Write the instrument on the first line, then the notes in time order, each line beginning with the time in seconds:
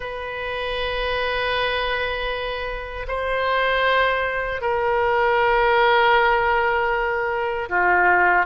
oboe
0.00 B4
3.07 C5
4.61 A#4
7.69 F4